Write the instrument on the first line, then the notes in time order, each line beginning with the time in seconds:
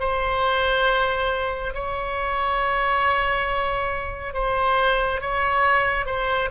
oboe
0.00 C5
1.74 C#5
4.34 C5
5.22 C#5
6.06 C5